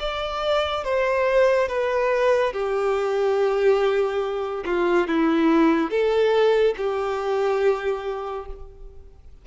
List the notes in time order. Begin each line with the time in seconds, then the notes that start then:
0.00 D5
0.85 C5
1.69 B4
2.53 G4
4.66 F4
5.08 E4
5.91 A4
6.78 G4